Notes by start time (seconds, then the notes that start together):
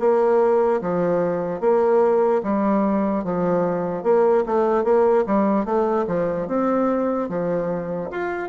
0.00 A#3
0.82 F3
1.61 A#3
2.44 G3
3.24 F3
4.04 A#3
4.47 A3
4.84 A#3
5.27 G3
5.65 A3
6.08 F3
6.48 C4
7.29 F3
8.11 F4